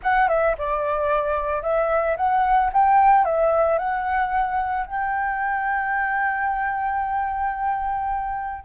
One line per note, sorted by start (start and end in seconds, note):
0.03 0.28 F#5
0.28 0.55 E5
0.58 1.62 D5
1.62 2.16 E5
2.16 2.71 F#5
2.72 3.24 G5
3.24 3.78 E5
3.78 4.86 F#5
4.86 8.64 G5